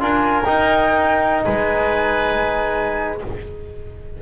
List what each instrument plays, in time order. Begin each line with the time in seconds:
0.00 double bass D4, trombone F4, oboe A#4, flute G#5
0.45 trombone D#4, double bass D#4, flute G5
1.44 double bass G#3, oboe B4, flute G#5